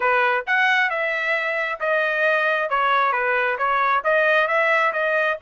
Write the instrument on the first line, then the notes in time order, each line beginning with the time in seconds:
trumpet
0.00 B4
0.46 F#5
0.90 E5
1.80 D#5
2.69 C#5
3.12 B4
3.58 C#5
4.04 D#5
4.47 E5
4.93 D#5